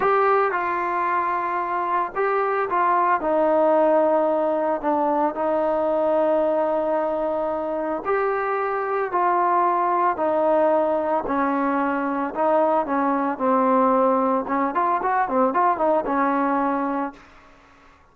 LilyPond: \new Staff \with { instrumentName = "trombone" } { \time 4/4 \tempo 4 = 112 g'4 f'2. | g'4 f'4 dis'2~ | dis'4 d'4 dis'2~ | dis'2. g'4~ |
g'4 f'2 dis'4~ | dis'4 cis'2 dis'4 | cis'4 c'2 cis'8 f'8 | fis'8 c'8 f'8 dis'8 cis'2 | }